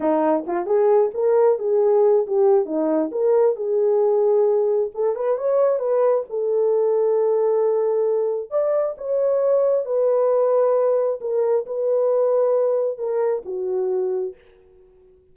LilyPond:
\new Staff \with { instrumentName = "horn" } { \time 4/4 \tempo 4 = 134 dis'4 f'8 gis'4 ais'4 gis'8~ | gis'4 g'4 dis'4 ais'4 | gis'2. a'8 b'8 | cis''4 b'4 a'2~ |
a'2. d''4 | cis''2 b'2~ | b'4 ais'4 b'2~ | b'4 ais'4 fis'2 | }